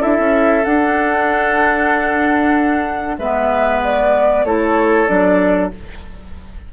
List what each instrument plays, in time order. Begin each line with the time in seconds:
0.00 bassoon D4, clarinet E4, oboe A4, flute E5
0.19 bassoon C#4
0.65 bassoon D4, clarinet D4, flute F#5
3.19 bassoon G#3, clarinet B3, oboe B4, flute E5
3.84 flute D5
4.44 bassoon A3, clarinet E4, oboe A4, flute C#5
5.08 bassoon F#3, clarinet D4, flute D5